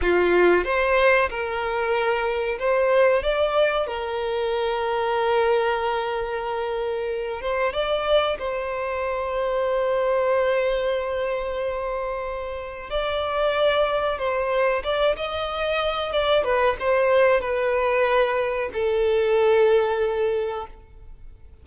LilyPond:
\new Staff \with { instrumentName = "violin" } { \time 4/4 \tempo 4 = 93 f'4 c''4 ais'2 | c''4 d''4 ais'2~ | ais'2.~ ais'8 c''8 | d''4 c''2.~ |
c''1 | d''2 c''4 d''8 dis''8~ | dis''4 d''8 b'8 c''4 b'4~ | b'4 a'2. | }